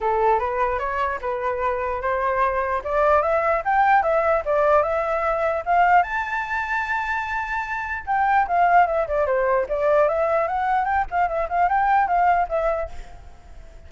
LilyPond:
\new Staff \with { instrumentName = "flute" } { \time 4/4 \tempo 4 = 149 a'4 b'4 cis''4 b'4~ | b'4 c''2 d''4 | e''4 g''4 e''4 d''4 | e''2 f''4 a''4~ |
a''1 | g''4 f''4 e''8 d''8 c''4 | d''4 e''4 fis''4 g''8 f''8 | e''8 f''8 g''4 f''4 e''4 | }